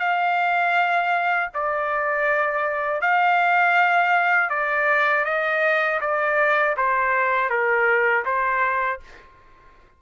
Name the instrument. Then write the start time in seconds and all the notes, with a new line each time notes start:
trumpet
0.00 F5
1.54 D5
3.01 F5
4.50 D5
5.25 D#5
6.01 D5
6.77 C5
7.50 A#4
8.25 C5